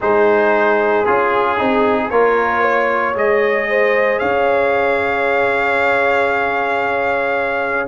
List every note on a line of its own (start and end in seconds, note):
0.00 1.06 G#3
0.00 1.06 D#4
0.00 2.11 G#4
0.00 1.05 C5
1.05 1.59 C#4
1.05 1.57 F4
1.05 2.10 G#4
1.57 2.10 C4
1.57 2.10 D#4
2.10 3.15 A#3
2.10 3.14 F4
2.10 2.62 A#4
2.10 3.15 C#5
2.62 3.67 C#5
3.14 4.20 G#3
3.14 7.87 G#4
3.14 4.18 D#5
3.69 4.20 C5
4.18 7.88 C#4
4.18 7.88 C#5
4.18 7.87 F5